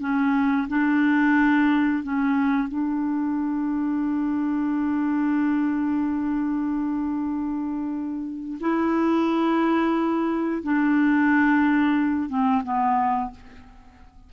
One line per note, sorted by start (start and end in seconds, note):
0.00 0.67 C#4
0.68 2.03 D4
2.03 2.68 C#4
2.68 8.58 D4
8.60 10.62 E4
10.63 12.29 D4
12.29 12.63 C4
12.63 13.31 B3